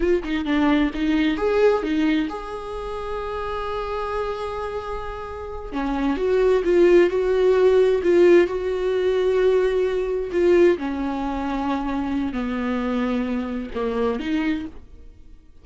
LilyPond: \new Staff \with { instrumentName = "viola" } { \time 4/4 \tempo 4 = 131 f'8 dis'8 d'4 dis'4 gis'4 | dis'4 gis'2.~ | gis'1~ | gis'8 cis'4 fis'4 f'4 fis'8~ |
fis'4. f'4 fis'4.~ | fis'2~ fis'8 f'4 cis'8~ | cis'2. b4~ | b2 ais4 dis'4 | }